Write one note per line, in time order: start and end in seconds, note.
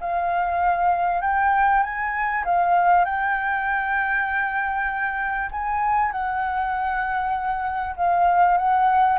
0.00 1.21 F5
1.21 1.82 G5
1.82 2.44 G#5
2.44 3.04 F5
3.04 5.49 G5
5.51 6.11 G#5
6.11 7.95 F#5
7.96 8.57 F5
8.57 9.18 F#5